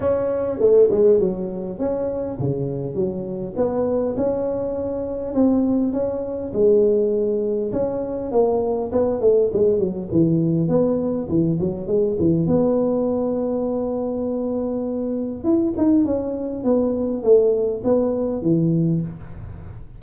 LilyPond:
\new Staff \with { instrumentName = "tuba" } { \time 4/4 \tempo 4 = 101 cis'4 a8 gis8 fis4 cis'4 | cis4 fis4 b4 cis'4~ | cis'4 c'4 cis'4 gis4~ | gis4 cis'4 ais4 b8 a8 |
gis8 fis8 e4 b4 e8 fis8 | gis8 e8 b2.~ | b2 e'8 dis'8 cis'4 | b4 a4 b4 e4 | }